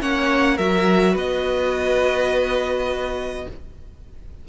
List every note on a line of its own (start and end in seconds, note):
0.00 0.59 A#3
0.00 0.58 C#4
0.00 0.55 C#5
0.00 0.58 F#5
0.55 1.16 F#3
0.55 3.49 F#4
0.55 1.13 A#4
0.55 1.16 E5
1.13 3.47 B3
1.13 3.44 B4
1.13 3.49 D#5